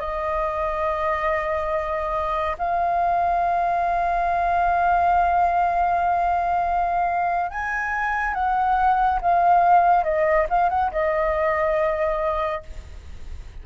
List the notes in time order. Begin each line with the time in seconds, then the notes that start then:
0.00 D#5
2.59 F5
7.51 G#5
8.34 F#5
9.22 F5
10.04 D#5
10.50 F5
10.70 F#5
10.92 D#5